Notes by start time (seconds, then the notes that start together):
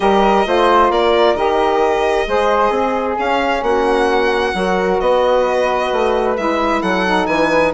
0.00 G3 G4 A#4 D#5
0.45 A3 F4 C5
0.89 A#3 A#4 D5
1.34 D#3 G4 D#5
2.26 G#3 G#4 C5
2.70 C4 G#4
3.18 C#4 F5
3.62 A#3 F#4 F#5
4.53 F#3 F#4 A#4
5.00 B3 B4 D#5
5.92 A3
6.36 G#3 E4 E5
6.81 F#3 A4 F#5
7.05 D#4
7.26 E3 B4 G#5